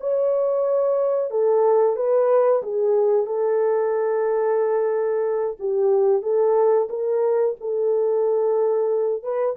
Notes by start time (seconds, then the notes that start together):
0.00 C#5
1.30 A4
1.96 B4
2.62 G#4
3.26 A4
5.59 G4
6.22 A4
6.89 A#4
7.60 A4
9.22 B4